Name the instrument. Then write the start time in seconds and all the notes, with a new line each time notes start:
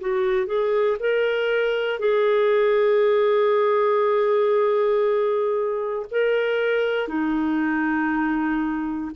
clarinet
0.00 F#4
0.46 G#4
0.99 A#4
1.99 G#4
6.11 A#4
7.08 D#4